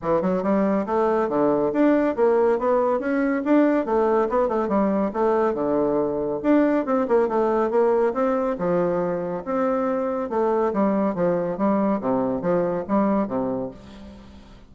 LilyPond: \new Staff \with { instrumentName = "bassoon" } { \time 4/4 \tempo 4 = 140 e8 fis8 g4 a4 d4 | d'4 ais4 b4 cis'4 | d'4 a4 b8 a8 g4 | a4 d2 d'4 |
c'8 ais8 a4 ais4 c'4 | f2 c'2 | a4 g4 f4 g4 | c4 f4 g4 c4 | }